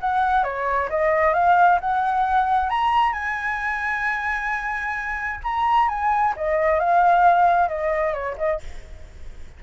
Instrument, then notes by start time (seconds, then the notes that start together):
flute
0.00 F#5
0.43 C#5
0.89 D#5
1.33 F5
1.80 F#5
2.69 A#5
3.12 G#5
5.43 A#5
5.88 G#5
6.36 D#5
6.79 F5
7.68 D#5
8.13 C#5
8.37 D#5